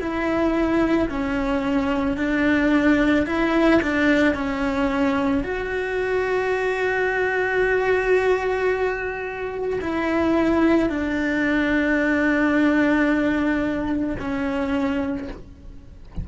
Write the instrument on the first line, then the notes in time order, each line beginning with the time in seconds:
cello
0.00 E4
1.10 C#4
2.18 D4
3.27 E4
3.82 D4
4.35 C#4
5.44 F#4
9.81 E4
10.90 D4
14.19 C#4